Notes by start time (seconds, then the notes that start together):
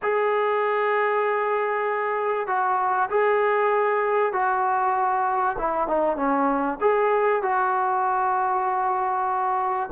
0.02 G#4
2.47 F#4
3.10 G#4
4.32 F#4
5.58 E4
5.87 D#4
6.16 C#4
6.80 G#4
7.42 F#4